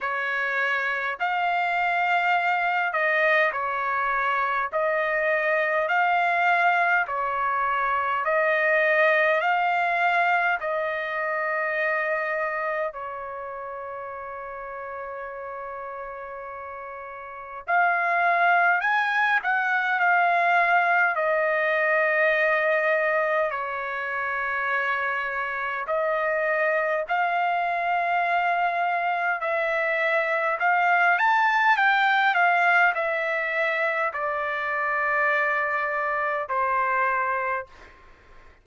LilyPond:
\new Staff \with { instrumentName = "trumpet" } { \time 4/4 \tempo 4 = 51 cis''4 f''4. dis''8 cis''4 | dis''4 f''4 cis''4 dis''4 | f''4 dis''2 cis''4~ | cis''2. f''4 |
gis''8 fis''8 f''4 dis''2 | cis''2 dis''4 f''4~ | f''4 e''4 f''8 a''8 g''8 f''8 | e''4 d''2 c''4 | }